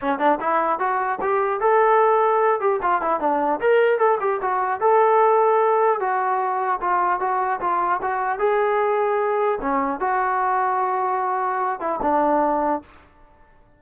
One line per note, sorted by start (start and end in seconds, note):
0.01 0.18 C#4
0.18 0.38 D4
0.40 0.79 E4
0.79 1.19 F#4
1.21 1.60 G4
1.60 2.60 A4
2.60 2.80 G4
2.82 3.01 F4
3.01 3.19 E4
3.19 3.59 D4
3.60 3.98 A#4
3.98 4.18 A4
4.20 4.40 G4
4.41 4.80 F#4
4.80 5.99 A4
5.99 6.79 F#4
6.81 7.20 F4
7.20 7.60 F#4
7.60 8.00 F4
8.02 8.38 F#4
8.38 9.58 G#4
9.61 9.99 C#4
9.99 11.79 F#4
11.80 12.00 E4
12.02 12.82 D4